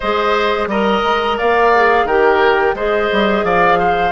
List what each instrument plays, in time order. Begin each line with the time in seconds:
0.00 bassoon G#3, clarinet G#4, oboe C5, flute D#5
0.66 bassoon G3, clarinet A#4, oboe D#5, flute A#5
1.03 bassoon G#3
1.37 bassoon A#3, oboe D5, flute F5
1.75 clarinet G#4
2.04 bassoon D#3, clarinet G4, oboe A#4, flute G5
2.74 bassoon G#3, clarinet G#4, oboe C5, flute D#5
3.12 bassoon G3
3.43 bassoon F3, oboe D5, flute F5
3.79 oboe C5